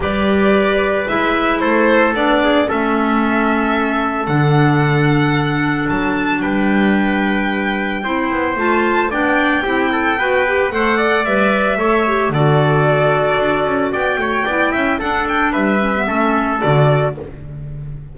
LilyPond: <<
  \new Staff \with { instrumentName = "violin" } { \time 4/4 \tempo 4 = 112 d''2 e''4 c''4 | d''4 e''2. | fis''2. a''4 | g''1 |
a''4 g''2. | fis''4 e''2 d''4~ | d''2 g''2 | fis''8 g''8 e''2 d''4 | }
  \new Staff \with { instrumentName = "trumpet" } { \time 4/4 b'2. a'4~ | a'8 gis'8 a'2.~ | a'1 | b'2. c''4~ |
c''4 d''4 g'8 a'8 b'4 | c''8 d''4. cis''4 a'4~ | a'2 d''8 cis''8 d''8 e''8 | a'4 b'4 a'2 | }
  \new Staff \with { instrumentName = "clarinet" } { \time 4/4 g'2 e'2 | d'4 cis'2. | d'1~ | d'2. e'4 |
f'4 d'4 e'4 fis'8 g'8 | a'4 b'4 a'8 g'8 fis'4~ | fis'2. e'4 | d'4. cis'16 b16 cis'4 fis'4 | }
  \new Staff \with { instrumentName = "double bass" } { \time 4/4 g2 gis4 a4 | b4 a2. | d2. fis4 | g2. c'8 b8 |
a4 b4 c'4 b4 | a4 g4 a4 d4~ | d4 d'8 cis'8 b8 a8 b8 cis'8 | d'4 g4 a4 d4 | }
>>